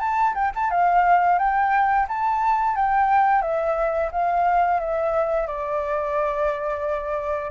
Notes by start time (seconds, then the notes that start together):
0.00 A5
0.35 G5
0.55 A5
0.70 F5
1.38 G5
2.08 A5
2.76 G5
3.42 E5
4.12 F5
4.80 E5
5.47 D5